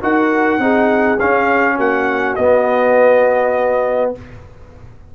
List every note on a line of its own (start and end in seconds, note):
0.00 0.58 D#4
0.00 0.59 F#4
0.00 0.62 A#4
0.00 1.19 F#5
0.58 1.17 C4
0.58 1.18 D#4
0.58 1.76 G#4
1.19 2.38 C#4
1.19 1.78 C#4
1.19 1.78 F5
1.76 2.37 A#3
1.76 4.11 F#4
1.76 2.36 F#5
2.36 4.14 B3
2.36 4.15 B3
2.36 4.12 D#5